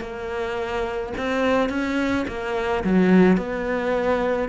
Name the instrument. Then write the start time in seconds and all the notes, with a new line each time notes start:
cello
0.00 A#3
1.17 C4
1.69 C#4
2.27 A#3
2.84 F#3
3.37 B3